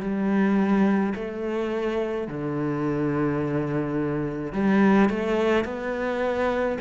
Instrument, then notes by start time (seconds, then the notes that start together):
cello
0.00 G3
1.15 A3
2.28 D3
4.53 G3
5.09 A3
5.64 B3